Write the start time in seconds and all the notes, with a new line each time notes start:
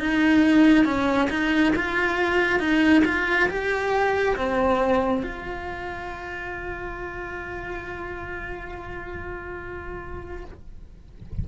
0.00 D#4
0.85 C#4
1.30 D#4
1.76 F4
2.60 D#4
3.05 F4
3.49 G4
4.37 C4
5.23 F4